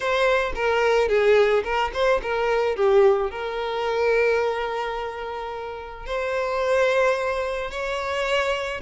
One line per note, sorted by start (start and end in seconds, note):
0.00 0.52 C5
0.55 1.08 A#4
1.08 1.63 G#4
1.63 1.91 A#4
1.93 2.20 C5
2.22 2.75 A#4
2.75 3.31 G4
3.31 6.06 A#4
6.06 7.70 C5
7.70 8.80 C#5